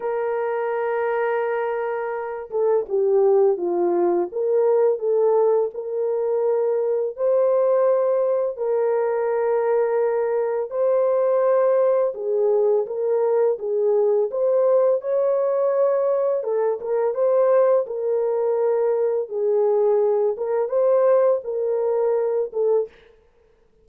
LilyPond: \new Staff \with { instrumentName = "horn" } { \time 4/4 \tempo 4 = 84 ais'2.~ ais'8 a'8 | g'4 f'4 ais'4 a'4 | ais'2 c''2 | ais'2. c''4~ |
c''4 gis'4 ais'4 gis'4 | c''4 cis''2 a'8 ais'8 | c''4 ais'2 gis'4~ | gis'8 ais'8 c''4 ais'4. a'8 | }